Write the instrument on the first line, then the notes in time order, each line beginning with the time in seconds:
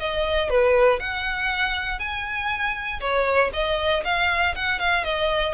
violin
0.00 D#5
0.50 B4
1.00 F#5
1.99 G#5
3.01 C#5
3.53 D#5
4.05 F5
4.56 F#5
4.79 F5
5.04 D#5